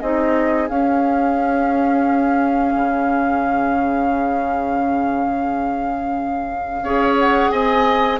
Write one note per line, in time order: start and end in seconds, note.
0.00 0.70 C4
0.00 0.69 D#4
0.00 6.83 G#4
0.00 0.68 D#5
0.69 6.83 C#4
0.69 2.74 C#4
0.69 7.16 F5
2.75 6.82 C#3
6.82 7.51 C#4
6.82 8.20 G#4
6.82 7.52 C#5
7.19 7.51 F#5
7.51 8.20 C4
7.51 8.20 D#5
7.51 8.19 G#5